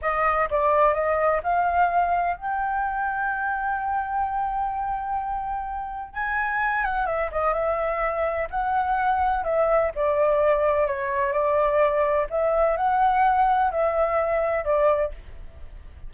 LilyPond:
\new Staff \with { instrumentName = "flute" } { \time 4/4 \tempo 4 = 127 dis''4 d''4 dis''4 f''4~ | f''4 g''2.~ | g''1~ | g''4 gis''4. fis''8 e''8 dis''8 |
e''2 fis''2 | e''4 d''2 cis''4 | d''2 e''4 fis''4~ | fis''4 e''2 d''4 | }